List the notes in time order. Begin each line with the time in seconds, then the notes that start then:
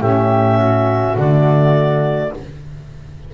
0.00 A2 C#4 G4 E5
0.57 F#4
1.16 D3 A3 D5